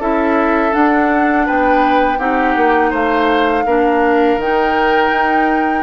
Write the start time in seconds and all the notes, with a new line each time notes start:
0.00 C#4 E4 A4 E5
0.72 D4 F#5
1.47 B3 B4 G5
2.19 C4 D#4 G4 F#5
2.56 A#3
2.91 A3 C5 F5
3.66 A#3 D4 A#4
4.37 D#3 D#4 G5
5.11 D#4